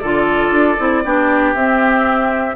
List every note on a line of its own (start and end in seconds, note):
0.00 0.51 D3
0.00 0.78 F4
0.00 1.03 A4
0.00 1.53 D5
0.51 0.77 D4
0.78 1.05 C4
0.78 1.04 E4
1.05 1.55 B3
1.05 1.56 D4
1.05 2.56 G4
1.55 2.56 C4
1.55 2.56 E5